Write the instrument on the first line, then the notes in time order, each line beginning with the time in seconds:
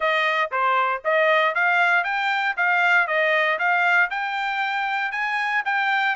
trumpet
0.00 D#5
0.51 C5
1.04 D#5
1.54 F5
2.04 G5
2.56 F5
3.07 D#5
3.59 F5
4.10 G5
5.11 G#5
5.65 G5